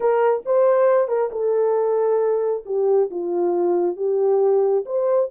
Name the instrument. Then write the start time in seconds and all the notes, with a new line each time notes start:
horn
0.00 A#4
0.45 C5
1.08 A#4
1.31 A4
2.65 G4
3.10 F4
3.96 G4
4.85 C5